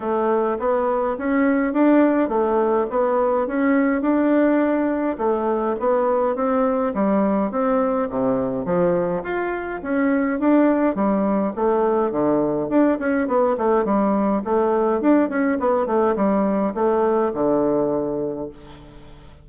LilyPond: \new Staff \with { instrumentName = "bassoon" } { \time 4/4 \tempo 4 = 104 a4 b4 cis'4 d'4 | a4 b4 cis'4 d'4~ | d'4 a4 b4 c'4 | g4 c'4 c4 f4 |
f'4 cis'4 d'4 g4 | a4 d4 d'8 cis'8 b8 a8 | g4 a4 d'8 cis'8 b8 a8 | g4 a4 d2 | }